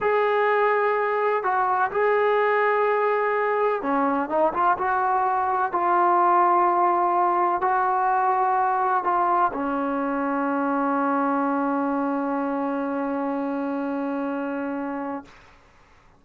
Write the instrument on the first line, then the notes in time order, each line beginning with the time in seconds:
trombone
0.00 G#4
1.43 F#4
1.91 G#4
3.82 C#4
4.29 D#4
4.53 F4
4.77 F#4
5.71 F4
7.61 F#4
9.04 F4
9.53 C#4